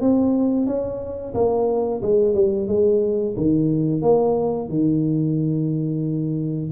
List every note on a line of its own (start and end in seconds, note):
0.00 0.66 C4
0.66 1.34 C#4
1.34 2.01 A#3
2.02 2.34 G#3
2.34 2.68 G3
2.68 3.35 G#3
3.36 4.01 D#3
4.01 4.69 A#3
4.69 6.71 D#3